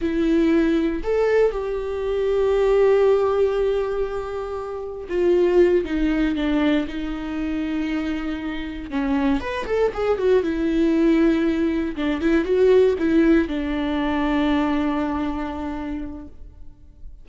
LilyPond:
\new Staff \with { instrumentName = "viola" } { \time 4/4 \tempo 4 = 118 e'2 a'4 g'4~ | g'1~ | g'2 f'4. dis'8~ | dis'8 d'4 dis'2~ dis'8~ |
dis'4. cis'4 b'8 a'8 gis'8 | fis'8 e'2. d'8 | e'8 fis'4 e'4 d'4.~ | d'1 | }